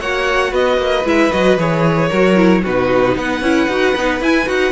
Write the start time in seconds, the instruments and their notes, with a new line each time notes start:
0.00 cello A#3, viola F#4, violin C#5 F#5
0.51 cello B3, violin B4 D#5
0.77 cello A#3
1.04 cello G#3, viola E4, violin E5
1.32 cello F#3, viola F#4, violin D#5
1.57 cello E3, viola G#4, violin C#5
2.09 cello F#3, viola F#4, violin A#4
2.35 viola E4
2.62 cello B2, viola D#4, violin F#4 B4
3.16 cello B3, violin B4 F#5
3.42 cello C#4, viola E4
3.67 cello D#4, viola F#4
3.96 cello B3, viola D#4
4.21 cello E4, viola E4, violin G#5
4.46 cello D#4, viola F#4, violin F#5